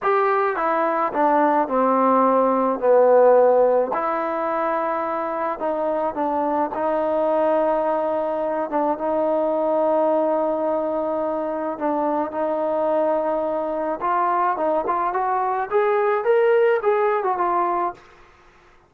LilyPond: \new Staff \with { instrumentName = "trombone" } { \time 4/4 \tempo 4 = 107 g'4 e'4 d'4 c'4~ | c'4 b2 e'4~ | e'2 dis'4 d'4 | dis'2.~ dis'8 d'8 |
dis'1~ | dis'4 d'4 dis'2~ | dis'4 f'4 dis'8 f'8 fis'4 | gis'4 ais'4 gis'8. fis'16 f'4 | }